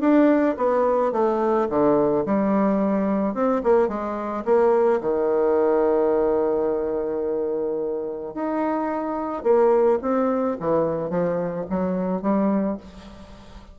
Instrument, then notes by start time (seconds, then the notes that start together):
bassoon
0.00 D4
0.57 B3
1.12 A3
1.69 D3
2.26 G3
3.34 C4
3.63 A#3
3.88 G#3
4.44 A#3
5.01 D#3
8.34 D#4
9.43 A#3
10.01 C4
10.59 E3
11.09 F3
11.69 F#3
12.21 G3